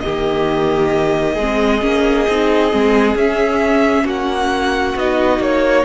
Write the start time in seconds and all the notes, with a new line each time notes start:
0.00 D#3 A#3 G4 D#5
1.35 G#3 C4 G#4
1.82 A#3 C#4
2.28 C4 D#4
2.71 G#3 C4
3.15 C#4 E5
4.05 A#3 F#4 F#5
4.96 B3 D#4 D#5
5.39 A#3 C#5